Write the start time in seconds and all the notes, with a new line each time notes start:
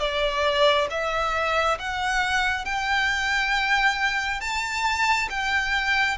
0.00 D5
0.91 E5
1.79 F#5
2.66 G5
4.41 A5
5.30 G5